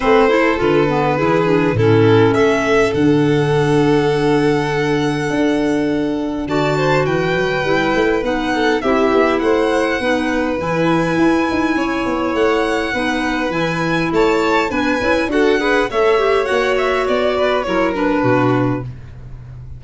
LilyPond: <<
  \new Staff \with { instrumentName = "violin" } { \time 4/4 \tempo 4 = 102 c''4 b'2 a'4 | e''4 fis''2.~ | fis''2. a''4 | g''2 fis''4 e''4 |
fis''2 gis''2~ | gis''4 fis''2 gis''4 | a''4 gis''4 fis''4 e''4 | fis''8 e''8 d''4 cis''8 b'4. | }
  \new Staff \with { instrumentName = "violin" } { \time 4/4 b'8 a'4. gis'4 e'4 | a'1~ | a'2. d''8 c''8 | b'2~ b'8 a'8 g'4 |
c''4 b'2. | cis''2 b'2 | cis''4 b'4 a'8 b'8 cis''4~ | cis''4. b'8 ais'4 fis'4 | }
  \new Staff \with { instrumentName = "clarinet" } { \time 4/4 c'8 e'8 f'8 b8 e'8 d'8 cis'4~ | cis'4 d'2.~ | d'2. fis'4~ | fis'4 e'4 dis'4 e'4~ |
e'4 dis'4 e'2~ | e'2 dis'4 e'4~ | e'4 d'8 e'8 fis'8 gis'8 a'8 g'8 | fis'2 e'8 d'4. | }
  \new Staff \with { instrumentName = "tuba" } { \time 4/4 a4 d4 e4 a,4 | a4 d2.~ | d4 d'2 d4 | e8 fis8 g8 a8 b4 c'8 b8 |
a4 b4 e4 e'8 dis'8 | cis'8 b8 a4 b4 e4 | a4 b8 cis'8 d'4 a4 | ais4 b4 fis4 b,4 | }
>>